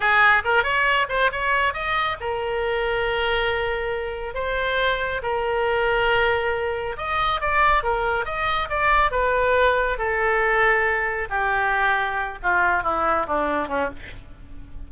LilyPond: \new Staff \with { instrumentName = "oboe" } { \time 4/4 \tempo 4 = 138 gis'4 ais'8 cis''4 c''8 cis''4 | dis''4 ais'2.~ | ais'2 c''2 | ais'1 |
dis''4 d''4 ais'4 dis''4 | d''4 b'2 a'4~ | a'2 g'2~ | g'8 f'4 e'4 d'4 cis'8 | }